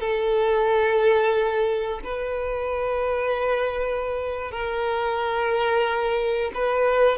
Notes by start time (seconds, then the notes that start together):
0.00 A4
2.04 B4
4.51 A#4
6.54 B4